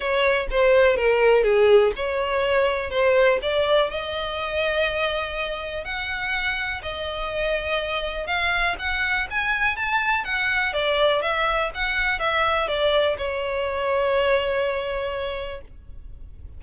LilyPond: \new Staff \with { instrumentName = "violin" } { \time 4/4 \tempo 4 = 123 cis''4 c''4 ais'4 gis'4 | cis''2 c''4 d''4 | dis''1 | fis''2 dis''2~ |
dis''4 f''4 fis''4 gis''4 | a''4 fis''4 d''4 e''4 | fis''4 e''4 d''4 cis''4~ | cis''1 | }